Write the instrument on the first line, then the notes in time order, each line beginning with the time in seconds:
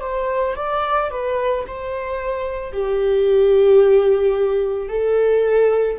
viola
0.00 C5
0.55 D5
1.10 B4
1.67 C5
2.72 G4
4.88 A4